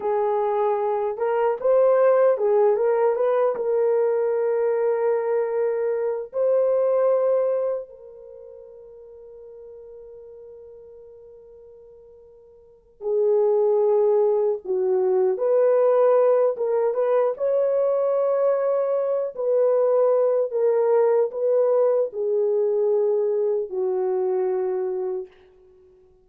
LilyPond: \new Staff \with { instrumentName = "horn" } { \time 4/4 \tempo 4 = 76 gis'4. ais'8 c''4 gis'8 ais'8 | b'8 ais'2.~ ais'8 | c''2 ais'2~ | ais'1~ |
ais'8 gis'2 fis'4 b'8~ | b'4 ais'8 b'8 cis''2~ | cis''8 b'4. ais'4 b'4 | gis'2 fis'2 | }